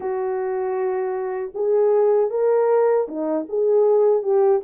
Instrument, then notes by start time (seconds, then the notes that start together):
horn
0.00 F#4
1.54 G#4
2.30 A#4
3.08 D#4
3.48 G#4
4.22 G4